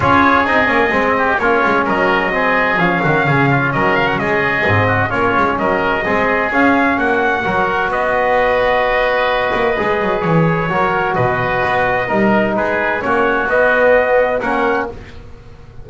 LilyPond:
<<
  \new Staff \with { instrumentName = "trumpet" } { \time 4/4 \tempo 4 = 129 cis''4 dis''2 cis''4 | dis''2 f''2 | dis''8 f''16 fis''16 dis''2 cis''4 | dis''2 f''4 fis''4~ |
fis''4 dis''2.~ | dis''2 cis''2 | dis''2. b'4 | cis''4 dis''2 fis''4 | }
  \new Staff \with { instrumentName = "oboe" } { \time 4/4 gis'2~ gis'8 g'8 f'4 | ais'4 gis'4. fis'8 gis'8 f'8 | ais'4 gis'4. fis'8 f'4 | ais'4 gis'2 fis'4 |
ais'4 b'2.~ | b'2. ais'4 | b'2 ais'4 gis'4 | fis'2. ais'4 | }
  \new Staff \with { instrumentName = "trombone" } { \time 4/4 f'4 dis'8 cis'8 c'4 cis'4~ | cis'4 c'4 cis'2~ | cis'2 c'4 cis'4~ | cis'4 c'4 cis'2 |
fis'1~ | fis'4 gis'2 fis'4~ | fis'2 dis'2 | cis'4 b2 cis'4 | }
  \new Staff \with { instrumentName = "double bass" } { \time 4/4 cis'4 c'8 ais8 gis4 ais8 gis8 | fis2 f8 dis8 cis4 | fis4 gis4 gis,4 ais8 gis8 | fis4 gis4 cis'4 ais4 |
fis4 b2.~ | b8 ais8 gis8 fis8 e4 fis4 | b,4 b4 g4 gis4 | ais4 b2 ais4 | }
>>